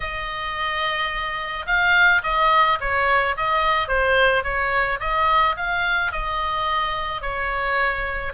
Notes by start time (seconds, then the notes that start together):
0.00 D#5
1.66 F5
2.23 D#5
2.80 C#5
3.37 D#5
3.88 C5
4.43 C#5
4.99 D#5
5.56 F5
6.11 D#5
7.21 C#5